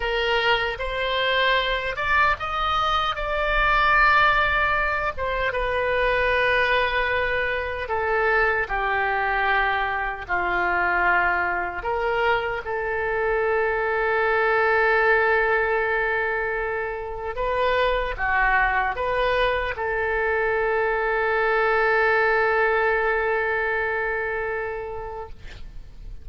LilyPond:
\new Staff \with { instrumentName = "oboe" } { \time 4/4 \tempo 4 = 76 ais'4 c''4. d''8 dis''4 | d''2~ d''8 c''8 b'4~ | b'2 a'4 g'4~ | g'4 f'2 ais'4 |
a'1~ | a'2 b'4 fis'4 | b'4 a'2.~ | a'1 | }